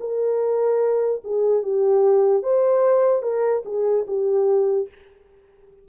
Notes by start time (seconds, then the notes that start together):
0.00 A#4
1.24 G#4
1.63 G4
2.43 C5
3.22 A#4
3.65 G#4
4.07 G4